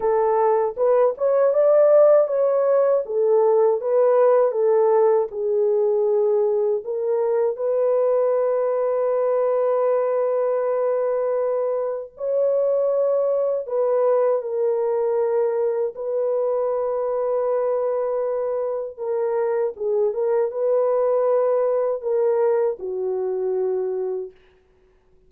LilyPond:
\new Staff \with { instrumentName = "horn" } { \time 4/4 \tempo 4 = 79 a'4 b'8 cis''8 d''4 cis''4 | a'4 b'4 a'4 gis'4~ | gis'4 ais'4 b'2~ | b'1 |
cis''2 b'4 ais'4~ | ais'4 b'2.~ | b'4 ais'4 gis'8 ais'8 b'4~ | b'4 ais'4 fis'2 | }